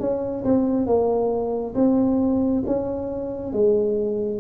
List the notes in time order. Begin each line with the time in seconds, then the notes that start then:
0.00 C#4
0.45 C4
0.87 A#3
1.75 C4
2.66 C#4
3.53 G#3